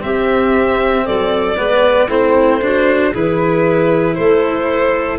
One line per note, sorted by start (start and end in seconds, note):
0.00 1.55 C4
0.00 1.07 C4
0.00 1.05 G4
0.00 1.06 E5
1.05 1.58 F#3
1.05 1.56 A4
1.05 2.09 D5
1.56 2.08 G#3
1.56 2.08 B3
1.56 2.08 B4
2.08 3.11 A3
2.08 2.61 C4
2.08 2.59 E4
2.08 3.14 C5
2.61 3.13 D4
2.61 3.11 F#4
3.11 4.18 E3
3.11 5.19 E4
3.11 4.15 G#4
3.11 4.14 B4
4.14 5.19 A3
4.14 5.19 A4
4.14 5.18 C5